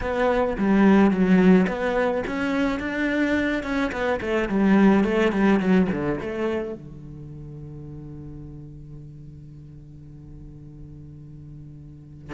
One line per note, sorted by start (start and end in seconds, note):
0.01 0.57 B3
0.58 1.10 G3
1.10 1.66 F#3
1.67 2.23 B3
2.26 2.79 C#4
2.79 3.63 D4
3.63 3.91 C#4
3.92 4.20 B3
4.21 4.49 A3
4.49 5.04 G3
5.04 5.32 A3
5.32 5.59 G3
5.59 5.88 F#3
5.91 6.19 D3
6.20 6.74 A3
6.74 12.34 D3